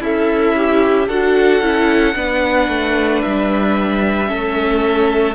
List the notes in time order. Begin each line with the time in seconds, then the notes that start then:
0.00 C#4 E4 A4 E5
0.56 G4
1.07 D4 F#4 A4 F#5
1.61 C#4 E4
2.15 B3 D4 B4
2.68 A3
3.22 G3 E5
4.27 A3 C#4 A4